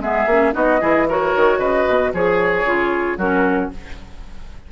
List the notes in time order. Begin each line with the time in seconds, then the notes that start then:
0.00 G#3 B3 G#4 E5
0.27 A#3 C#4
0.53 B3 D#4 F#4 D#5
0.81 E3 E4 G#4
1.09 F#4 A#4 C#5
1.36 D#3
1.59 C#3 B4 D#5
1.88 B2
2.14 F3 G#4 C#5
2.65 C#3 F4
3.18 F#3 C#4 F#4 A#4